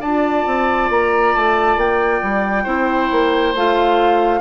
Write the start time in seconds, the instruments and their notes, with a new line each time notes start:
0.00 bassoon D4, clarinet F4, oboe D5, flute A5
0.46 bassoon C4
0.89 bassoon A#3, flute A#5
1.35 bassoon A3, flute A5
1.76 bassoon A#3, flute G5
2.22 bassoon G3
2.63 bassoon C4, clarinet E4, oboe C5
3.11 bassoon A#3
3.54 bassoon A3, clarinet F4, flute F5